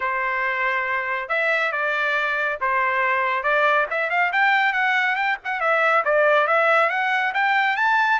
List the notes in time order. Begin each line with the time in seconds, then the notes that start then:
0.00 C5
1.29 E5
1.72 D5
2.60 C5
3.43 D5
3.90 E5
4.10 F5
4.32 G5
4.72 F#5
5.15 G5
5.44 F#5
5.60 E5
6.04 D5
6.47 E5
6.89 F#5
7.34 G5
7.76 A5